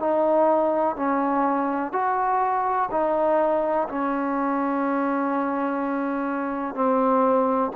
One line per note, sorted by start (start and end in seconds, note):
0.00 0.97 D#4
0.97 1.93 C#4
1.93 2.89 F#4
2.92 3.88 D#4
3.89 6.75 C#4
6.75 7.72 C4